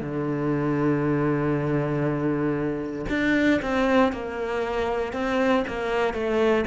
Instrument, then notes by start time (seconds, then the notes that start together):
cello
0.00 D3
3.09 D4
3.61 C4
4.12 A#3
5.13 C4
5.67 A#3
6.13 A3